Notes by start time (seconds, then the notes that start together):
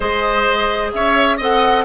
0.00 G#3 G#4 C5 D#5
0.92 C#4 C#5 E5
1.37 C4 A4 D#5 F#5